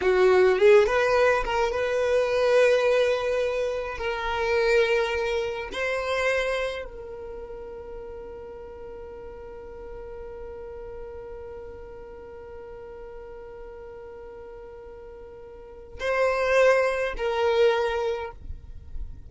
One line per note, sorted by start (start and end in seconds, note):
0.01 0.58 F#4
0.58 0.86 G#4
0.86 1.44 B4
1.44 1.71 A#4
1.71 3.97 B4
3.97 5.69 A#4
5.72 6.84 C5
6.84 15.99 A#4
15.99 17.14 C5
17.17 18.31 A#4